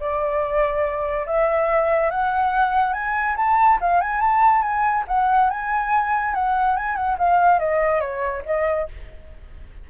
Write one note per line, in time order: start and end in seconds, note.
0.00 1.26 D5
1.26 2.10 E5
2.10 2.93 F#5
2.93 3.35 G#5
3.36 3.79 A5
3.80 4.01 F5
4.01 4.21 G#5
4.21 4.62 A5
4.62 5.04 G#5
5.07 5.50 F#5
5.50 6.34 G#5
6.34 6.76 F#5
6.76 6.95 G#5
6.95 7.17 F#5
7.19 7.59 F5
7.59 8.00 D#5
8.00 8.43 C#5
8.45 8.88 D#5